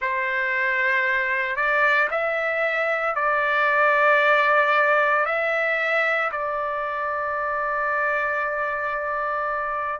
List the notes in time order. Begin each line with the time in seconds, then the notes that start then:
0.00 C5
1.56 D5
2.11 E5
3.15 D5
5.25 E5
6.31 D5